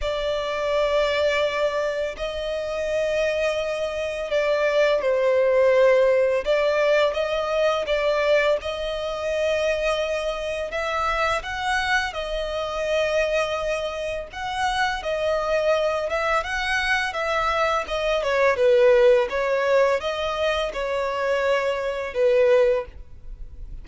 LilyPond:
\new Staff \with { instrumentName = "violin" } { \time 4/4 \tempo 4 = 84 d''2. dis''4~ | dis''2 d''4 c''4~ | c''4 d''4 dis''4 d''4 | dis''2. e''4 |
fis''4 dis''2. | fis''4 dis''4. e''8 fis''4 | e''4 dis''8 cis''8 b'4 cis''4 | dis''4 cis''2 b'4 | }